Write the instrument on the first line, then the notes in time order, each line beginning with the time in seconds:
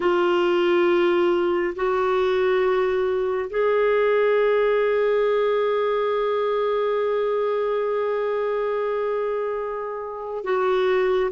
clarinet
0.00 F4
1.75 F#4
3.49 G#4
10.43 F#4